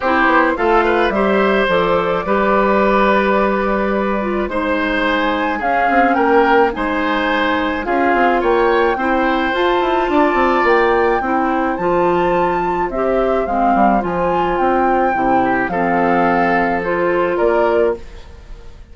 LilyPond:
<<
  \new Staff \with { instrumentName = "flute" } { \time 4/4 \tempo 4 = 107 c''4 f''4 e''4 d''4~ | d''1 | c''4 gis''4 f''4 g''4 | gis''2 f''4 g''4~ |
g''4 a''2 g''4~ | g''4 a''2 e''4 | f''4 gis''4 g''2 | f''2 c''4 d''4 | }
  \new Staff \with { instrumentName = "oboe" } { \time 4/4 g'4 a'8 b'8 c''2 | b'1 | c''2 gis'4 ais'4 | c''2 gis'4 cis''4 |
c''2 d''2 | c''1~ | c''2.~ c''8 g'8 | a'2. ais'4 | }
  \new Staff \with { instrumentName = "clarinet" } { \time 4/4 e'4 f'4 g'4 a'4 | g'2.~ g'8 f'8 | dis'2 cis'2 | dis'2 f'2 |
e'4 f'2. | e'4 f'2 g'4 | c'4 f'2 e'4 | c'2 f'2 | }
  \new Staff \with { instrumentName = "bassoon" } { \time 4/4 c'8 b8 a4 g4 f4 | g1 | gis2 cis'8 c'8 ais4 | gis2 cis'8 c'8 ais4 |
c'4 f'8 e'8 d'8 c'8 ais4 | c'4 f2 c'4 | gis8 g8 f4 c'4 c4 | f2. ais4 | }
>>